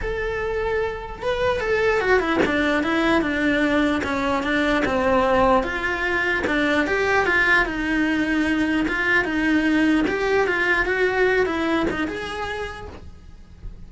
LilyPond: \new Staff \with { instrumentName = "cello" } { \time 4/4 \tempo 4 = 149 a'2. b'4 | a'4 fis'8 e'8 d'4 e'4 | d'2 cis'4 d'4 | c'2 f'2 |
d'4 g'4 f'4 dis'4~ | dis'2 f'4 dis'4~ | dis'4 g'4 f'4 fis'4~ | fis'8 e'4 dis'8 gis'2 | }